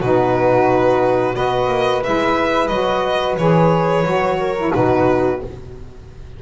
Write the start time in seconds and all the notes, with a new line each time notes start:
0.00 B2 D#4 F#4 B4
1.33 B3 F#4 B4 D#5
1.67 A#3
2.03 G#3 E4 E5
2.67 F#3 F#4 D#5
3.37 E3 G#4 C#5
4.04 F#3 F#4
4.39 A#4
4.57 E4
4.72 B2 D#4 F#4 B4